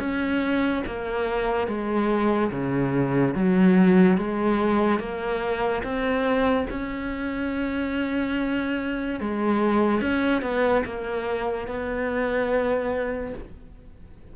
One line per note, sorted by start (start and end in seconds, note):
0.00 0.83 C#4
0.87 1.68 A#3
1.68 2.51 G#3
2.52 3.35 C#3
3.35 4.18 F#3
4.18 5.00 G#3
5.00 5.83 A#3
5.84 6.67 C4
6.70 9.20 C#4
9.20 10.02 G#3
10.02 10.42 C#4
10.42 10.84 B3
10.86 11.68 A#3
11.68 13.34 B3